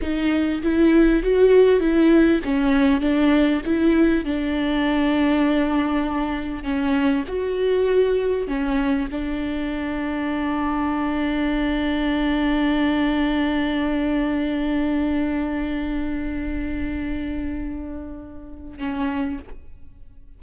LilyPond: \new Staff \with { instrumentName = "viola" } { \time 4/4 \tempo 4 = 99 dis'4 e'4 fis'4 e'4 | cis'4 d'4 e'4 d'4~ | d'2. cis'4 | fis'2 cis'4 d'4~ |
d'1~ | d'1~ | d'1~ | d'2. cis'4 | }